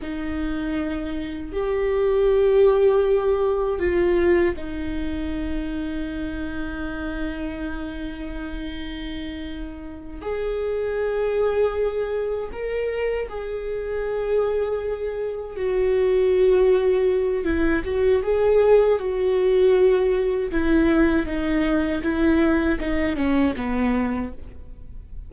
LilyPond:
\new Staff \with { instrumentName = "viola" } { \time 4/4 \tempo 4 = 79 dis'2 g'2~ | g'4 f'4 dis'2~ | dis'1~ | dis'4. gis'2~ gis'8~ |
gis'8 ais'4 gis'2~ gis'8~ | gis'8 fis'2~ fis'8 e'8 fis'8 | gis'4 fis'2 e'4 | dis'4 e'4 dis'8 cis'8 b4 | }